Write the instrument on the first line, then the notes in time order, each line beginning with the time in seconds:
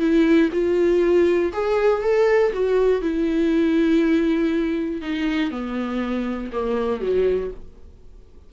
viola
0.00 E4
0.53 F4
1.53 G#4
2.02 A4
2.53 F#4
3.02 E4
5.02 D#4
5.51 B3
6.52 A#3
7.01 F#3